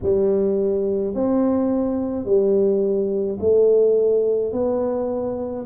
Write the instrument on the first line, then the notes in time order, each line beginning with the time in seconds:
tuba
0.02 G3
1.14 C4
2.25 G3
3.40 A3
4.52 B3